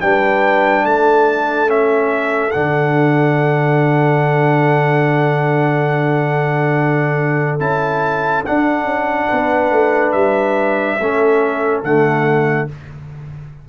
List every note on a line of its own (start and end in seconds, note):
0.00 0.84 G3
0.00 1.67 D4
0.00 0.85 B4
0.00 0.85 G5
0.84 2.53 A3
0.84 9.29 A4
0.84 1.70 A5
1.67 2.51 C#4
1.67 2.51 E5
2.51 7.60 D3
2.51 7.59 D4
2.51 7.58 F#5
7.59 8.44 C#4
7.59 8.44 E4
7.59 8.44 A5
8.45 11.00 D4
8.45 8.84 D4
8.45 10.12 F#5
8.84 9.26 C#4
9.29 9.71 B3
9.29 10.98 B4
9.71 10.13 A3
10.12 10.98 G3
10.12 11.81 E5
10.99 11.83 A3
10.99 11.84 C#4
10.99 12.68 A4
11.83 12.67 D3
11.83 12.68 A3
11.83 12.68 F#5